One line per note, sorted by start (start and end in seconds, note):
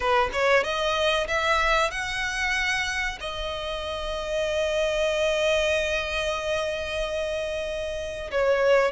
0.00 0.29 B4
0.32 0.63 C#5
0.63 1.27 D#5
1.27 1.91 E5
1.91 3.18 F#5
3.20 8.30 D#5
8.31 8.91 C#5